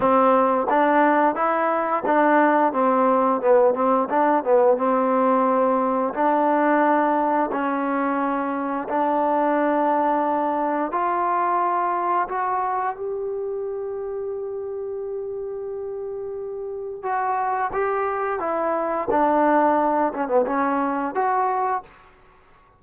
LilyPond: \new Staff \with { instrumentName = "trombone" } { \time 4/4 \tempo 4 = 88 c'4 d'4 e'4 d'4 | c'4 b8 c'8 d'8 b8 c'4~ | c'4 d'2 cis'4~ | cis'4 d'2. |
f'2 fis'4 g'4~ | g'1~ | g'4 fis'4 g'4 e'4 | d'4. cis'16 b16 cis'4 fis'4 | }